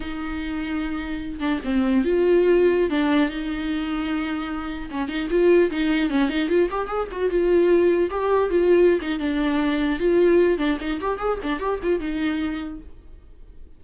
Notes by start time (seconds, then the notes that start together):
0.00 D#4
1.39 D4
1.64 C4
2.04 F4
2.89 D4
3.29 D#4
4.91 C#4
5.08 D#4
5.30 F4
5.70 D#4
6.10 C#4
6.29 D#4
6.48 F4
6.71 G4
6.87 G#4
7.11 F#4
7.29 F4
8.10 G4
8.49 F4
9.01 D#4
9.19 D4
9.99 F4
10.58 D4
10.80 D#4
11.00 G4
11.18 G#4
11.42 D4
11.59 G4
11.83 F4
11.99 D#4